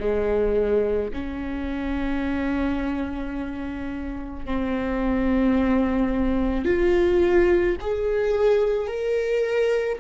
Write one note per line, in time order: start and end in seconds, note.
0.00 1.11 G#3
1.14 4.45 C#4
4.45 6.65 C4
6.65 7.76 F4
7.81 8.88 G#4
8.88 9.99 A#4